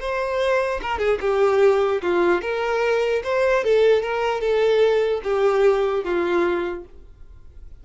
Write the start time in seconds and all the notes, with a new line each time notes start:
0.00 C5
0.82 A#4
0.99 G#4
1.21 G4
2.02 F4
2.42 A#4
3.24 C5
3.64 A4
4.03 A#4
4.41 A4
5.24 G4
6.04 F4